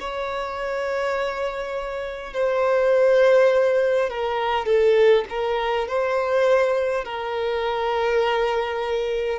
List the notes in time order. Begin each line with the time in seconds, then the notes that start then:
0.00 C#5
2.34 C5
4.10 A#4
4.66 A4
5.30 A#4
5.88 C5
7.05 A#4